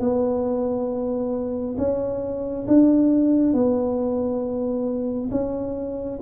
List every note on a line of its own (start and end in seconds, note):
0.00 1.76 B3
1.78 2.66 C#4
2.68 3.53 D4
3.53 5.30 B3
5.31 6.19 C#4